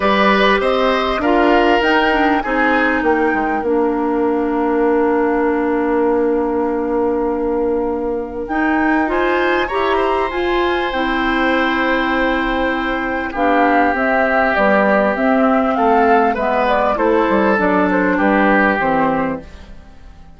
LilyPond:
<<
  \new Staff \with { instrumentName = "flute" } { \time 4/4 \tempo 4 = 99 d''4 dis''4 f''4 g''4 | gis''4 g''4 f''2~ | f''1~ | f''2 g''4 gis''4 |
ais''4 gis''4 g''2~ | g''2 f''4 e''4 | d''4 e''4 f''4 e''8 d''8 | c''4 d''8 c''8 b'4 c''4 | }
  \new Staff \with { instrumentName = "oboe" } { \time 4/4 b'4 c''4 ais'2 | gis'4 ais'2.~ | ais'1~ | ais'2. c''4 |
cis''8 c''2.~ c''8~ | c''2 g'2~ | g'2 a'4 b'4 | a'2 g'2 | }
  \new Staff \with { instrumentName = "clarinet" } { \time 4/4 g'2 f'4 dis'8 d'8 | dis'2 d'2~ | d'1~ | d'2 dis'4 f'4 |
g'4 f'4 e'2~ | e'2 d'4 c'4 | g4 c'2 b4 | e'4 d'2 c'4 | }
  \new Staff \with { instrumentName = "bassoon" } { \time 4/4 g4 c'4 d'4 dis'4 | c'4 ais8 gis8 ais2~ | ais1~ | ais2 dis'2 |
e'4 f'4 c'2~ | c'2 b4 c'4 | b4 c'4 a4 gis4 | a8 g8 fis4 g4 e4 | }
>>